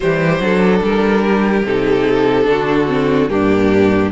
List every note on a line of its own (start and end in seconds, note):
0.00 0.39 E3
0.00 0.39 G3
0.00 0.43 G4
0.00 0.80 C5
0.39 0.80 F#3
0.39 1.63 D4
0.39 1.23 A4
0.81 1.63 G3
0.81 1.65 A#4
1.23 2.47 G4
1.64 2.46 C3
1.64 2.44 D#4
1.64 3.29 A4
2.44 3.28 D3
2.44 2.85 D4
2.44 3.31 F#4
2.88 3.28 C4
3.28 4.11 G2
3.28 4.10 A#3
3.28 4.11 D4
3.28 4.11 G4